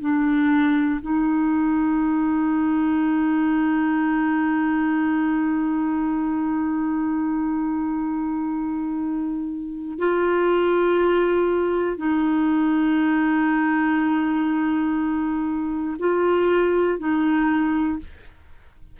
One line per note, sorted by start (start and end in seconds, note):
0.00 1.00 D4
1.01 9.99 D#4
9.99 11.96 F4
11.96 15.96 D#4
15.99 16.99 F4
16.99 17.99 D#4